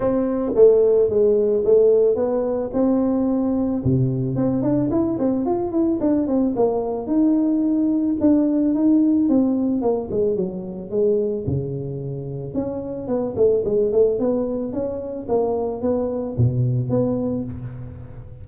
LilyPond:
\new Staff \with { instrumentName = "tuba" } { \time 4/4 \tempo 4 = 110 c'4 a4 gis4 a4 | b4 c'2 c4 | c'8 d'8 e'8 c'8 f'8 e'8 d'8 c'8 | ais4 dis'2 d'4 |
dis'4 c'4 ais8 gis8 fis4 | gis4 cis2 cis'4 | b8 a8 gis8 a8 b4 cis'4 | ais4 b4 b,4 b4 | }